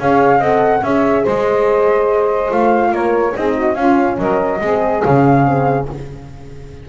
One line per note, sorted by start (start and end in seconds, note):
0.00 0.39 C#4
0.00 0.42 G#4
0.00 0.38 C#5
0.00 0.43 F5
0.38 0.81 C4
0.38 0.84 A4
0.38 0.80 D#5
0.38 0.84 F#5
0.83 1.25 C#4
0.83 2.50 G#4
0.83 1.24 C#5
0.83 1.26 E5
1.24 2.51 G#3
1.24 2.91 C5
1.24 2.53 D#5
2.50 2.92 A3
2.50 3.33 F4
2.50 2.94 F5
2.92 3.34 A#3
2.92 3.35 A#4
2.92 3.36 C#5
3.35 3.76 C4
3.35 3.77 D#4
3.35 3.56 G#4
3.35 3.75 D#5
3.56 3.76 F#4
3.75 4.18 C#4
3.75 4.61 C#4
3.75 4.19 F4
3.75 4.17 F5
4.19 4.60 F#3
4.19 4.61 A#4
4.19 5.03 D#5
4.61 5.03 G#3
4.61 5.03 C4
4.61 5.89 G#4
5.03 5.89 C#3
5.03 5.45 C#4
5.03 5.86 F5
5.45 5.87 C4